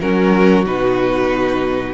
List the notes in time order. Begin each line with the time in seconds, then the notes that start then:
0.00 F#3 C#4 F#4 A#4
0.65 B2 D#4 B4